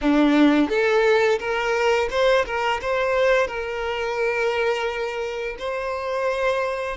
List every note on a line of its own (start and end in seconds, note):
0.01 0.68 D4
0.68 1.38 A4
1.39 2.08 A#4
2.10 2.45 C5
2.45 2.80 A#4
2.81 3.47 C5
3.47 5.56 A#4
5.58 6.96 C5